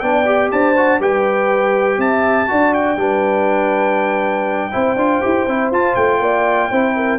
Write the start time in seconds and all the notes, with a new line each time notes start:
0.00 B3 D4 D5 G5
0.25 G4
0.52 D4 C5 A5
0.76 F#4
1.00 G3 G4 B4 G5
1.98 C4 E5 A5
2.47 D4 F#4 D5
2.74 G5
2.96 G3 D4 B4
4.72 C4 E4 C5
4.96 D4 F4
5.21 E4 G4
5.47 C4 E4
5.71 F4 A5
5.95 A3 G5
6.20 A#3 D5
6.70 C4 E4 C5
6.96 A#4